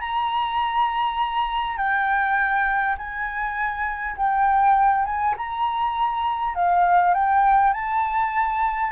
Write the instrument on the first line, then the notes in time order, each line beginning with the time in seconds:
flute
0.00 A#5
1.77 G5
2.98 G#5
4.16 G5
5.05 G#5
5.37 A#5
6.55 F5
7.14 G5
7.73 A5